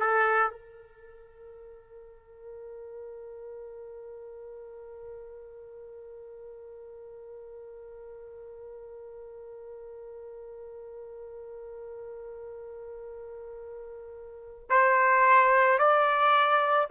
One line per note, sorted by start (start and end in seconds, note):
0.00 0.51 A4
0.51 14.69 A#4
14.70 15.79 C5
15.79 16.88 D5